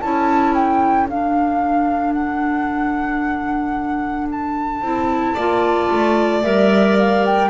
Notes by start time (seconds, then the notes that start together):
0.00 C#4 E4 A4 A5
0.54 G5
1.08 D4 F5
2.13 F#5
4.31 A5
4.82 C4 E4
5.34 A#3 F4 D5
5.90 A3
6.42 G3 A#4 E5
6.98 F5
7.25 G5